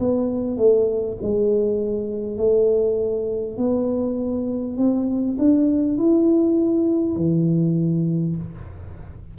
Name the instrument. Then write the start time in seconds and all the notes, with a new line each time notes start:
tuba
0.00 B3
0.58 A3
1.22 G#3
2.38 A3
3.58 B3
4.78 C4
5.39 D4
5.99 E4
7.17 E3